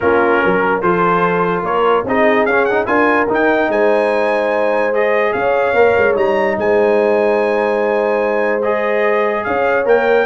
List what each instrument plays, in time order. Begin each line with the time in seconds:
0.00 tuba A#3, trombone C#4, horn F4, trumpet A#4
0.41 tuba F#3, horn A#4
0.81 tuba F3, trombone F4, horn A4, trumpet C5
1.62 tuba A#3, horn A#4, trumpet C#5
2.04 tuba C4, trombone D#4, horn G#4, trumpet D#5
2.45 tuba C#4, trombone C#4, trumpet F5
2.65 trombone D#4, trumpet F#5
2.86 tuba D4, trombone F4, horn A#4, trumpet G#5
3.29 trombone D#4, tuba D#4, trumpet G5
3.68 tuba G#3, horn C5, trumpet G#5
4.92 trombone G#4, trumpet D#5
5.33 tuba C#4, horn C#5, trumpet F5
5.73 tuba A#3, trombone A#4
5.98 tuba G#3
6.14 tuba G3, trombone D#4, trumpet A#5
6.57 tuba G#3, horn C5, trumpet G#5
8.62 trombone G#4, trumpet D#5
9.44 tuba C#4, horn C#5, trumpet F5
9.85 tuba A#3, trombone A#4, trumpet G5